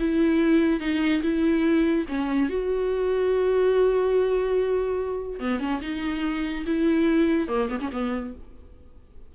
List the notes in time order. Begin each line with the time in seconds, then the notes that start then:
0.00 E4
0.80 D#4
1.23 E4
2.09 C#4
2.50 F#4
5.40 B3
5.60 C#4
5.82 D#4
6.66 E4
7.48 A#3
7.70 B3
7.80 C#4
7.92 B3